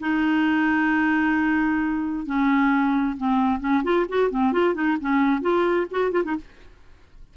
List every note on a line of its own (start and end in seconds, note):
0.00 2.26 D#4
2.26 3.17 C#4
3.17 3.60 C4
3.60 3.83 C#4
3.84 4.06 F4
4.09 4.31 F#4
4.31 4.52 C4
4.52 4.75 F4
4.75 4.98 D#4
5.01 5.41 C#4
5.41 5.87 F4
5.91 6.12 F#4
6.12 6.23 F4
6.24 6.36 D#4